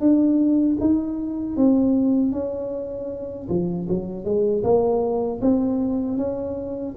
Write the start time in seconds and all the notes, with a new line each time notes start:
0.00 D4
0.80 D#4
1.56 C4
2.32 C#4
3.49 F3
3.88 F#3
4.24 G#3
4.63 A#3
5.41 C4
6.17 C#4